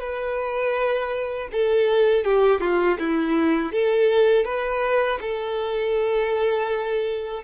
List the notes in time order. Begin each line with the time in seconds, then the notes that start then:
0.00 B4
1.52 A4
2.25 G4
2.61 F4
2.99 E4
3.72 A4
4.45 B4
5.21 A4